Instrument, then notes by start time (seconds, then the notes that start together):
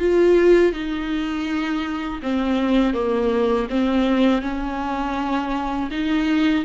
viola
0.00 F4
0.73 D#4
2.23 C4
2.94 A#3
3.70 C4
4.42 C#4
5.91 D#4